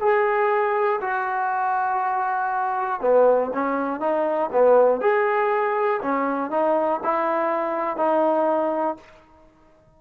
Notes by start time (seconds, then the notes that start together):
0.00 G#4
1.00 F#4
3.00 B3
3.53 C#4
4.00 D#4
4.52 B3
5.00 G#4
6.02 C#4
6.50 D#4
7.03 E4
7.96 D#4